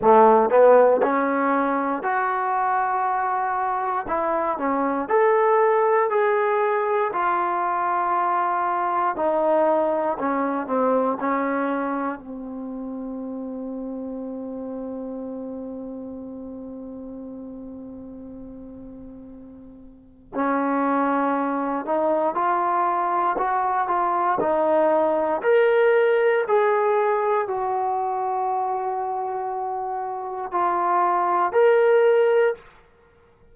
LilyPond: \new Staff \with { instrumentName = "trombone" } { \time 4/4 \tempo 4 = 59 a8 b8 cis'4 fis'2 | e'8 cis'8 a'4 gis'4 f'4~ | f'4 dis'4 cis'8 c'8 cis'4 | c'1~ |
c'1 | cis'4. dis'8 f'4 fis'8 f'8 | dis'4 ais'4 gis'4 fis'4~ | fis'2 f'4 ais'4 | }